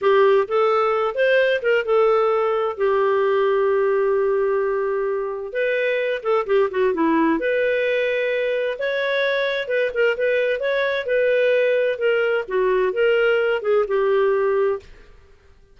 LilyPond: \new Staff \with { instrumentName = "clarinet" } { \time 4/4 \tempo 4 = 130 g'4 a'4. c''4 ais'8 | a'2 g'2~ | g'1 | b'4. a'8 g'8 fis'8 e'4 |
b'2. cis''4~ | cis''4 b'8 ais'8 b'4 cis''4 | b'2 ais'4 fis'4 | ais'4. gis'8 g'2 | }